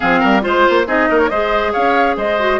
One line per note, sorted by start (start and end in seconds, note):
0.00 0.23 F3
0.00 0.41 C4
0.00 0.19 G#4
0.00 0.43 F5
0.19 0.45 G3
0.19 0.41 A#4
0.41 0.67 G#3
0.41 0.85 F4
0.41 0.87 C5
0.69 0.87 A#3
0.86 1.08 C4
0.86 1.29 D#4
0.86 1.08 G#4
0.86 1.18 D#5
1.10 1.30 A#3
1.10 1.30 A#4
1.18 1.29 C#5
1.29 1.74 G#3
1.29 2.39 G#4
1.29 1.72 C5
1.29 1.72 D#5
1.72 2.16 C#4
1.72 2.16 C#5
1.72 2.16 F5
2.16 2.60 G#3
2.16 2.60 C5
2.16 2.60 D#5
2.39 2.60 F#4